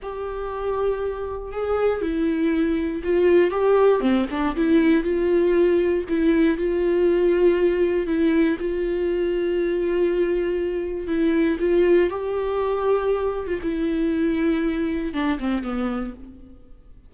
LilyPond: \new Staff \with { instrumentName = "viola" } { \time 4/4 \tempo 4 = 119 g'2. gis'4 | e'2 f'4 g'4 | c'8 d'8 e'4 f'2 | e'4 f'2. |
e'4 f'2.~ | f'2 e'4 f'4 | g'2~ g'8. f'16 e'4~ | e'2 d'8 c'8 b4 | }